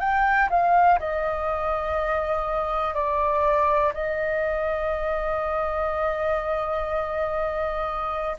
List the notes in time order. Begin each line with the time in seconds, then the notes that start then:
0.00 G5
0.50 F5
0.99 D#5
2.95 D5
3.94 D#5